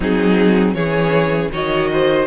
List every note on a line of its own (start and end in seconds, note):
0.00 0.74 F#3
0.00 0.75 C4
0.00 0.75 D#4
0.00 0.74 G#4
0.74 1.50 E3
0.74 1.51 C#4
0.74 1.51 G#4
0.74 1.50 C#5
1.51 2.27 D#3
1.51 2.27 F#4
1.51 1.89 C#5
1.51 2.27 D#5
1.92 2.27 C5